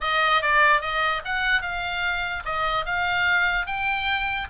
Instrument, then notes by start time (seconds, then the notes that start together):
oboe
0.01 D#5
0.42 D5
0.81 D#5
1.24 F#5
1.61 F5
2.45 D#5
2.85 F5
3.66 G5